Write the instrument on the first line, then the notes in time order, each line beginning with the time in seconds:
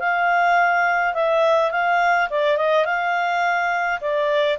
clarinet
0.00 F5
1.15 E5
1.71 F5
2.30 D5
2.58 D#5
2.86 F5
4.01 D5